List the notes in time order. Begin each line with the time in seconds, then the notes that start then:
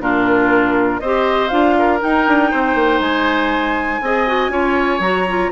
0.00 A#2 D4 F4 A#4
1.00 C4 G4 C5 D#5
1.49 D4 F4 F5
1.79 A#4
2.01 D#4 G5
2.28 D4
2.51 C4 C5
2.75 A#3
3.00 G#3 G#5
4.01 C4 G#4 D#5
4.27 F#4
4.49 C#4 F4 C#5
5.00 F#3 F#4 A#5
5.28 F4